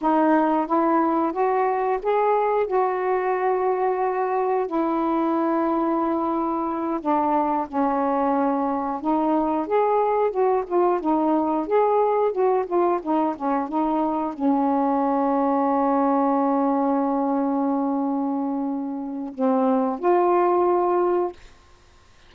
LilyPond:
\new Staff \with { instrumentName = "saxophone" } { \time 4/4 \tempo 4 = 90 dis'4 e'4 fis'4 gis'4 | fis'2. e'4~ | e'2~ e'8 d'4 cis'8~ | cis'4. dis'4 gis'4 fis'8 |
f'8 dis'4 gis'4 fis'8 f'8 dis'8 | cis'8 dis'4 cis'2~ cis'8~ | cis'1~ | cis'4 c'4 f'2 | }